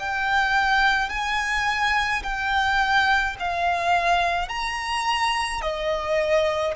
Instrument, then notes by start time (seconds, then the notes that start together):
violin
0.00 G5
1.10 G#5
2.23 G5
3.40 F5
4.49 A#5
5.62 D#5